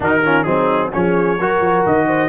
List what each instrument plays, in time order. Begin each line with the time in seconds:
0.00 tuba D#3, trombone D#4, horn F#4, trumpet A#4
0.25 trombone C#4, horn F4
0.43 tuba F#3, trombone C4, horn D#4, trumpet G#4
0.92 tuba F3, trombone C#4, horn G#4, trumpet C#5
1.39 tuba F#3, trombone F#4, horn A#4
1.60 tuba F3
1.85 tuba D#3, trumpet D#5
2.06 horn C5